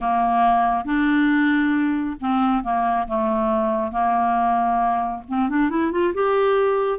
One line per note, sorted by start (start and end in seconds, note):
0.00 0.85 A#3
0.85 2.16 D4
2.20 2.63 C4
2.63 3.07 A#3
3.07 3.91 A3
3.91 5.23 A#3
5.28 5.49 C4
5.49 5.69 D4
5.69 5.91 E4
5.91 6.13 F4
6.14 6.99 G4